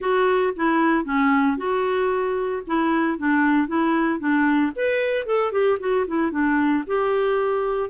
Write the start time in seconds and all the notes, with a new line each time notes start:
0.00 F#4
0.56 E4
1.04 C#4
1.57 F#4
2.66 E4
3.18 D4
3.67 E4
4.19 D4
4.75 B4
5.26 A4
5.52 G4
5.79 F#4
6.07 E4
6.31 D4
6.86 G4